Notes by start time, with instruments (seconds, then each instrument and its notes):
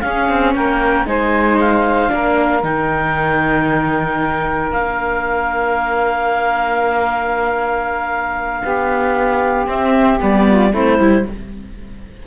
0.00 viola C#4, cello C#4, saxophone G#4, clarinet F5
0.29 cello C4
0.54 cello A#3, saxophone A#4, clarinet G5
1.05 cello G#3, viola D#4, saxophone C5, clarinet G#5
1.59 clarinet F5
2.08 cello A#3, viola D4, saxophone A#4
2.62 cello D#3, viola D#4, clarinet G5
4.71 cello A#3, viola D4, clarinet F5
8.63 cello B3, saxophone G4
9.66 viola C4, cello C4, clarinet E5
10.19 cello G3, viola B3, clarinet D5
10.47 saxophone F4
10.71 cello A3, viola C4, saxophone E4, clarinet C5
10.98 cello G3, viola E4